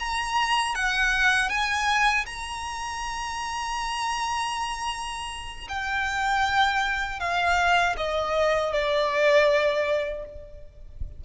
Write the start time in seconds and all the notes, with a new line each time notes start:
0.00 A#5
0.75 F#5
1.50 G#5
2.26 A#5
5.69 G5
7.20 F5
7.97 D#5
8.73 D5